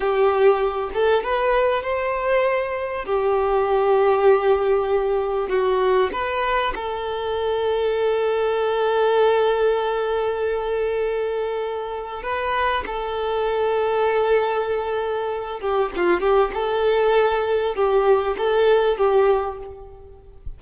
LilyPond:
\new Staff \with { instrumentName = "violin" } { \time 4/4 \tempo 4 = 98 g'4. a'8 b'4 c''4~ | c''4 g'2.~ | g'4 fis'4 b'4 a'4~ | a'1~ |
a'1 | b'4 a'2.~ | a'4. g'8 f'8 g'8 a'4~ | a'4 g'4 a'4 g'4 | }